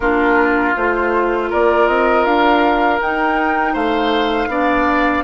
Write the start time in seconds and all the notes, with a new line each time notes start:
0.00 A#3 D4 F4 A#4
0.76 A3 F4 C5
1.49 A#3 A#4 D5
1.87 C4 D#5
2.24 D4 F5
3.00 D#4 G5
3.73 A3 C5 F5
4.47 B3 D4 D5